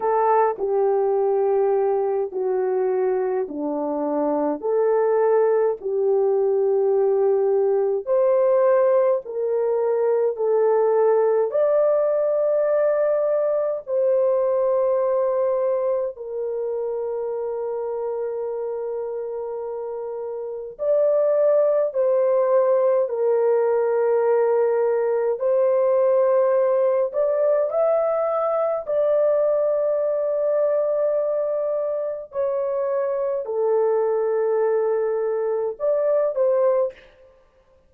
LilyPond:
\new Staff \with { instrumentName = "horn" } { \time 4/4 \tempo 4 = 52 a'8 g'4. fis'4 d'4 | a'4 g'2 c''4 | ais'4 a'4 d''2 | c''2 ais'2~ |
ais'2 d''4 c''4 | ais'2 c''4. d''8 | e''4 d''2. | cis''4 a'2 d''8 c''8 | }